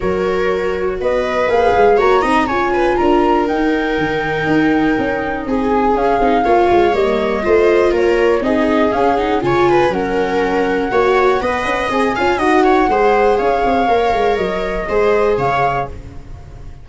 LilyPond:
<<
  \new Staff \with { instrumentName = "flute" } { \time 4/4 \tempo 4 = 121 cis''2 dis''4 f''4 | ais''4 gis''4 ais''4 g''4~ | g''2. gis''4 | f''2 dis''2 |
cis''4 dis''4 f''8 fis''8 gis''4 | fis''1 | gis''4 fis''2 f''4~ | f''4 dis''2 f''4 | }
  \new Staff \with { instrumentName = "viola" } { \time 4/4 ais'2 b'2 | cis''8 dis''8 cis''8 b'8 ais'2~ | ais'2. gis'4~ | gis'4 cis''2 c''4 |
ais'4 gis'2 cis''8 b'8 | ais'2 cis''4 dis''4~ | dis''8 f''8 dis''8 cis''8 c''4 cis''4~ | cis''2 c''4 cis''4 | }
  \new Staff \with { instrumentName = "viola" } { \time 4/4 fis'2. gis'4 | fis'8 dis'8 f'2 dis'4~ | dis'1 | cis'8 dis'8 f'4 ais4 f'4~ |
f'4 dis'4 cis'8 dis'8 f'4 | cis'2 fis'4 b'4 | gis'8 f'8 fis'4 gis'2 | ais'2 gis'2 | }
  \new Staff \with { instrumentName = "tuba" } { \time 4/4 fis2 b4 ais8 gis8 | ais8 c'8 cis'4 d'4 dis'4 | dis4 dis'4 cis'4 c'4 | cis'8 c'8 ais8 gis8 g4 a4 |
ais4 c'4 cis'4 cis4 | fis2 ais4 b8 cis'8 | c'8 cis'8 dis'4 gis4 cis'8 c'8 | ais8 gis8 fis4 gis4 cis4 | }
>>